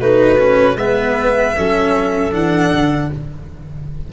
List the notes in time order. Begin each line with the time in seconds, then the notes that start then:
0.00 A3 D#4 F#4 B4
0.39 C#4
0.76 G#3 B3 B4 E5
1.56 F#3 C#4 A4
2.32 E3 D4 F#5
2.74 D3